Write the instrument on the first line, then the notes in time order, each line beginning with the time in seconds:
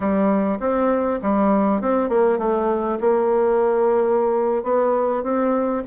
bassoon
0.00 G3
0.59 C4
1.22 G3
1.81 C4
2.09 A#3
2.38 A3
3.00 A#3
4.63 B3
5.23 C4